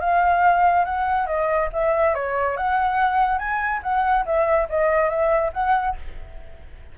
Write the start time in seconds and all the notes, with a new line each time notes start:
0.00 F5
0.85 F#5
1.27 D#5
1.73 E5
2.14 C#5
2.57 F#5
3.38 G#5
3.83 F#5
4.26 E5
4.69 D#5
5.09 E5
5.53 F#5